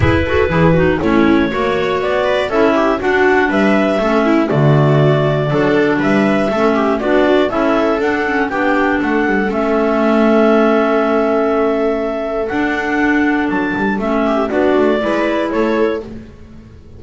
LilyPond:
<<
  \new Staff \with { instrumentName = "clarinet" } { \time 4/4 \tempo 4 = 120 b'2 cis''2 | d''4 e''4 fis''4 e''4~ | e''4 d''2. | e''2 d''4 e''4 |
fis''4 g''4 fis''4 e''4~ | e''1~ | e''4 fis''2 a''4 | e''4 d''2 cis''4 | }
  \new Staff \with { instrumentName = "viola" } { \time 4/4 gis'8 a'8 gis'8 fis'8 e'4 cis''4~ | cis''8 b'8 a'8 g'8 fis'4 b'4 | a'8 e'8 fis'2 a'4 | b'4 a'8 g'8 fis'4 a'4~ |
a'4 g'4 a'2~ | a'1~ | a'1~ | a'8 g'8 fis'4 b'4 a'4 | }
  \new Staff \with { instrumentName = "clarinet" } { \time 4/4 e'8 fis'8 e'8 dis'8 cis'4 fis'4~ | fis'4 e'4 d'2 | cis'4 a2 d'4~ | d'4 cis'4 d'4 e'4 |
d'8 cis'8 d'2 cis'4~ | cis'1~ | cis'4 d'2. | cis'4 d'4 e'2 | }
  \new Staff \with { instrumentName = "double bass" } { \time 4/4 e'4 e4 a4 ais4 | b4 cis'4 d'4 g4 | a4 d2 fis4 | g4 a4 b4 cis'4 |
d'4 b4 a8 g8 a4~ | a1~ | a4 d'2 fis8 g8 | a4 b8 a8 gis4 a4 | }
>>